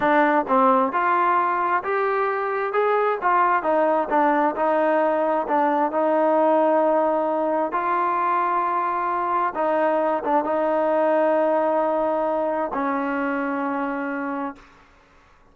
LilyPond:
\new Staff \with { instrumentName = "trombone" } { \time 4/4 \tempo 4 = 132 d'4 c'4 f'2 | g'2 gis'4 f'4 | dis'4 d'4 dis'2 | d'4 dis'2.~ |
dis'4 f'2.~ | f'4 dis'4. d'8 dis'4~ | dis'1 | cis'1 | }